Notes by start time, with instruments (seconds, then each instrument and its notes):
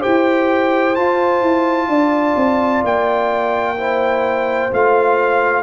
0.00 trombone G4, horn C5, trumpet G5
0.06 tuba E4
0.95 trombone F4, tuba F4, trumpet A5
1.41 tuba E4
1.88 tuba D4, horn D5
2.36 tuba C4
2.84 tuba A#3, trumpet G5
3.77 trombone E4, horn C5
4.71 tuba A3, trombone F4, trumpet F5